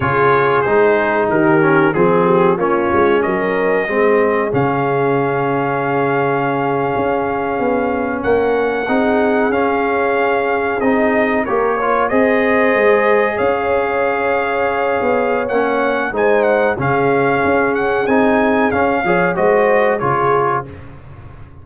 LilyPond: <<
  \new Staff \with { instrumentName = "trumpet" } { \time 4/4 \tempo 4 = 93 cis''4 c''4 ais'4 gis'4 | cis''4 dis''2 f''4~ | f''1~ | f''8. fis''2 f''4~ f''16~ |
f''8. dis''4 cis''4 dis''4~ dis''16~ | dis''8. f''2.~ f''16 | fis''4 gis''8 fis''8 f''4. fis''8 | gis''4 f''4 dis''4 cis''4 | }
  \new Staff \with { instrumentName = "horn" } { \time 4/4 gis'2 g'4 gis'8 g'8 | f'4 ais'4 gis'2~ | gis'1~ | gis'8. ais'4 gis'2~ gis'16~ |
gis'4.~ gis'16 ais'8 cis''8 c''4~ c''16~ | c''8. cis''2.~ cis''16~ | cis''4 c''4 gis'2~ | gis'4. cis''8 c''4 gis'4 | }
  \new Staff \with { instrumentName = "trombone" } { \time 4/4 f'4 dis'4. cis'8 c'4 | cis'2 c'4 cis'4~ | cis'1~ | cis'4.~ cis'16 dis'4 cis'4~ cis'16~ |
cis'8. dis'4 g'8 f'8 gis'4~ gis'16~ | gis'1 | cis'4 dis'4 cis'2 | dis'4 cis'8 gis'8 fis'4 f'4 | }
  \new Staff \with { instrumentName = "tuba" } { \time 4/4 cis4 gis4 dis4 f4 | ais8 gis8 fis4 gis4 cis4~ | cis2~ cis8. cis'4 b16~ | b8. ais4 c'4 cis'4~ cis'16~ |
cis'8. c'4 ais4 c'4 gis16~ | gis8. cis'2~ cis'8 b8. | ais4 gis4 cis4 cis'4 | c'4 cis'8 f8 gis4 cis4 | }
>>